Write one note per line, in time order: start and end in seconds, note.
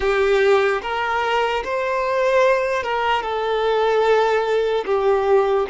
0.00 0.81 G4
0.82 1.63 A#4
1.64 2.83 C5
2.83 3.22 A#4
3.22 4.84 A4
4.85 5.66 G4